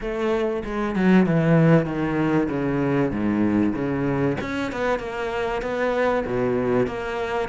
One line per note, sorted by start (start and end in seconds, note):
0.00 0.63 A3
0.64 0.95 G#3
0.95 1.26 F#3
1.26 1.85 E3
1.85 2.47 D#3
2.49 3.11 C#3
3.11 3.73 G#2
3.74 4.37 C#3
4.40 4.72 C#4
4.72 4.99 B3
4.99 5.61 A#3
5.62 6.24 B3
6.26 6.87 B2
6.87 7.48 A#3